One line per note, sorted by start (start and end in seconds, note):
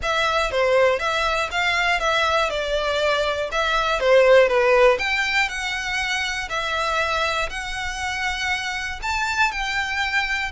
0.02 0.51 E5
0.51 0.99 C5
0.99 1.49 E5
1.51 2.00 F5
2.00 2.50 E5
2.50 3.50 D5
3.51 4.00 E5
4.00 4.47 C5
4.47 4.97 B4
4.98 5.48 G5
5.48 6.48 F#5
6.49 7.49 E5
7.49 8.99 F#5
9.02 9.51 A5
9.51 10.51 G5